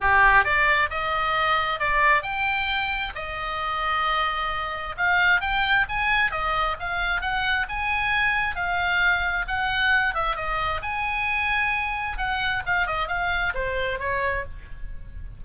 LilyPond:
\new Staff \with { instrumentName = "oboe" } { \time 4/4 \tempo 4 = 133 g'4 d''4 dis''2 | d''4 g''2 dis''4~ | dis''2. f''4 | g''4 gis''4 dis''4 f''4 |
fis''4 gis''2 f''4~ | f''4 fis''4. e''8 dis''4 | gis''2. fis''4 | f''8 dis''8 f''4 c''4 cis''4 | }